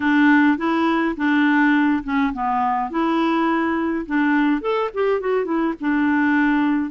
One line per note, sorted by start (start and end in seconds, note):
0.00 0.57 D4
0.57 1.15 E4
1.16 2.03 D4
2.03 2.32 C#4
2.33 2.90 B3
2.90 4.05 E4
4.06 4.61 D4
4.61 4.90 A4
4.94 5.20 G4
5.20 5.44 F#4
5.44 5.73 E4
5.80 6.90 D4